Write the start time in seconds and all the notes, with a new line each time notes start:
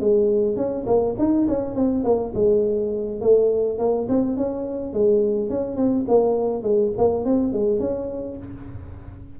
0.00 G#3
0.56 C#4
0.86 A#3
1.18 D#4
1.48 C#4
1.75 C4
2.04 A#3
2.34 G#3
3.20 A3
3.78 A#3
4.09 C4
4.37 C#4
4.93 G#3
5.50 C#4
5.76 C4
6.08 A#3
6.63 G#3
6.97 A#3
7.25 C4
7.53 G#3
7.79 C#4